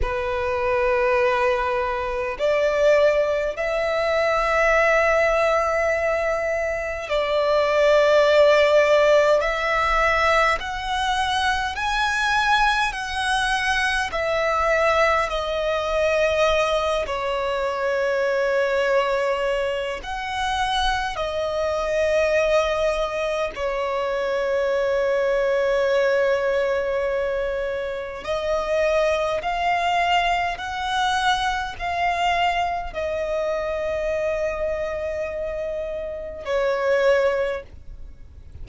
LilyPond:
\new Staff \with { instrumentName = "violin" } { \time 4/4 \tempo 4 = 51 b'2 d''4 e''4~ | e''2 d''2 | e''4 fis''4 gis''4 fis''4 | e''4 dis''4. cis''4.~ |
cis''4 fis''4 dis''2 | cis''1 | dis''4 f''4 fis''4 f''4 | dis''2. cis''4 | }